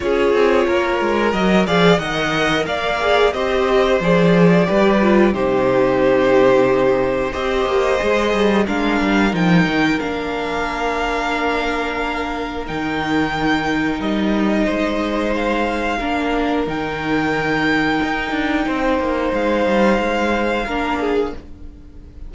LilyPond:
<<
  \new Staff \with { instrumentName = "violin" } { \time 4/4 \tempo 4 = 90 cis''2 dis''8 f''8 fis''4 | f''4 dis''4 d''2 | c''2. dis''4~ | dis''4 f''4 g''4 f''4~ |
f''2. g''4~ | g''4 dis''2 f''4~ | f''4 g''2.~ | g''4 f''2. | }
  \new Staff \with { instrumentName = "violin" } { \time 4/4 gis'4 ais'4. d''8 dis''4 | d''4 c''2 b'4 | g'2. c''4~ | c''4 ais'2.~ |
ais'1~ | ais'2 c''2 | ais'1 | c''2. ais'8 gis'8 | }
  \new Staff \with { instrumentName = "viola" } { \time 4/4 f'2 fis'8 gis'8 ais'4~ | ais'8 gis'8 g'4 gis'4 g'8 f'8 | dis'2. g'4 | gis'4 d'4 dis'4 d'4~ |
d'2. dis'4~ | dis'1 | d'4 dis'2.~ | dis'2. d'4 | }
  \new Staff \with { instrumentName = "cello" } { \time 4/4 cis'8 c'8 ais8 gis8 fis8 f8 dis4 | ais4 c'4 f4 g4 | c2. c'8 ais8 | gis8 g8 gis8 g8 f8 dis8 ais4~ |
ais2. dis4~ | dis4 g4 gis2 | ais4 dis2 dis'8 d'8 | c'8 ais8 gis8 g8 gis4 ais4 | }
>>